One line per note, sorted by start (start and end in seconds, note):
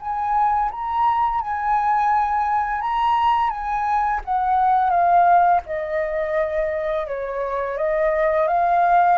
0.00 0.71 G#5
0.72 1.41 A#5
1.41 2.81 G#5
2.81 3.50 A#5
3.50 4.21 G#5
4.25 4.90 F#5
4.90 5.61 F5
5.66 7.07 D#5
7.07 7.77 C#5
7.77 8.48 D#5
8.48 9.18 F5